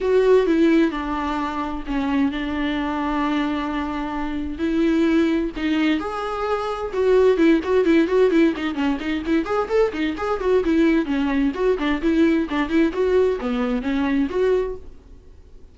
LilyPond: \new Staff \with { instrumentName = "viola" } { \time 4/4 \tempo 4 = 130 fis'4 e'4 d'2 | cis'4 d'2.~ | d'2 e'2 | dis'4 gis'2 fis'4 |
e'8 fis'8 e'8 fis'8 e'8 dis'8 cis'8 dis'8 | e'8 gis'8 a'8 dis'8 gis'8 fis'8 e'4 | cis'4 fis'8 d'8 e'4 d'8 e'8 | fis'4 b4 cis'4 fis'4 | }